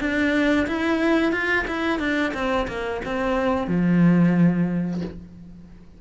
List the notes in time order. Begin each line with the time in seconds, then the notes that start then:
0.00 D4
0.67 E4
1.32 F4
1.67 E4
1.99 D4
2.34 C4
2.68 A#3
3.05 C4
3.67 F3